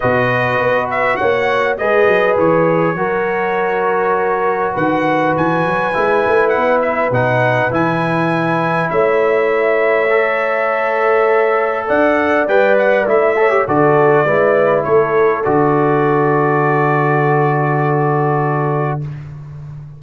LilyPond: <<
  \new Staff \with { instrumentName = "trumpet" } { \time 4/4 \tempo 4 = 101 dis''4. e''8 fis''4 dis''4 | cis''1 | fis''4 gis''2 fis''8 e''8 | fis''4 gis''2 e''4~ |
e''1 | fis''4 g''8 fis''8 e''4 d''4~ | d''4 cis''4 d''2~ | d''1 | }
  \new Staff \with { instrumentName = "horn" } { \time 4/4 b'2 cis''4 b'4~ | b'4 ais'2. | b'1~ | b'2. cis''4~ |
cis''1 | d''2~ d''8 cis''8 a'4 | b'4 a'2.~ | a'1 | }
  \new Staff \with { instrumentName = "trombone" } { \time 4/4 fis'2. gis'4~ | gis'4 fis'2.~ | fis'2 e'2 | dis'4 e'2.~ |
e'4 a'2.~ | a'4 b'4 e'8 a'16 g'16 fis'4 | e'2 fis'2~ | fis'1 | }
  \new Staff \with { instrumentName = "tuba" } { \time 4/4 b,4 b4 ais4 gis8 fis8 | e4 fis2. | dis4 e8 fis8 gis8 a8 b4 | b,4 e2 a4~ |
a1 | d'4 g4 a4 d4 | gis4 a4 d2~ | d1 | }
>>